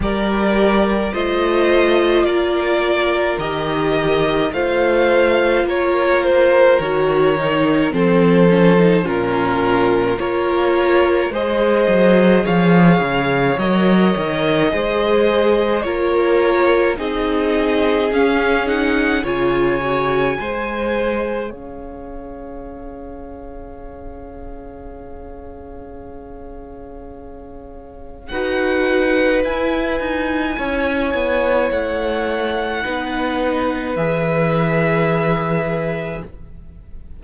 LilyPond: <<
  \new Staff \with { instrumentName = "violin" } { \time 4/4 \tempo 4 = 53 d''4 dis''4 d''4 dis''4 | f''4 cis''8 c''8 cis''4 c''4 | ais'4 cis''4 dis''4 f''4 | dis''2 cis''4 dis''4 |
f''8 fis''8 gis''2 f''4~ | f''1~ | f''4 fis''4 gis''2 | fis''2 e''2 | }
  \new Staff \with { instrumentName = "violin" } { \time 4/4 ais'4 c''4 ais'2 | c''4 ais'2 a'4 | f'4 ais'4 c''4 cis''4~ | cis''4 c''4 ais'4 gis'4~ |
gis'4 cis''4 c''4 cis''4~ | cis''1~ | cis''4 b'2 cis''4~ | cis''4 b'2. | }
  \new Staff \with { instrumentName = "viola" } { \time 4/4 g'4 f'2 g'4 | f'2 fis'8 dis'8 c'8 cis'16 dis'16 | cis'4 f'4 gis'2 | ais'4 gis'4 f'4 dis'4 |
cis'8 dis'8 f'8 fis'8 gis'2~ | gis'1~ | gis'4 fis'4 e'2~ | e'4 dis'4 gis'2 | }
  \new Staff \with { instrumentName = "cello" } { \time 4/4 g4 a4 ais4 dis4 | a4 ais4 dis4 f4 | ais,4 ais4 gis8 fis8 f8 cis8 | fis8 dis8 gis4 ais4 c'4 |
cis'4 cis4 gis4 cis'4~ | cis'1~ | cis'4 dis'4 e'8 dis'8 cis'8 b8 | a4 b4 e2 | }
>>